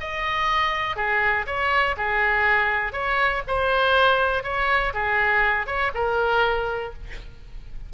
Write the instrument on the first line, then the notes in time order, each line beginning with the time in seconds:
oboe
0.00 D#5
0.96 G#4
1.46 C#5
1.97 G#4
2.92 C#5
3.47 C5
4.43 C#5
4.94 G#4
5.67 C#5
5.94 A#4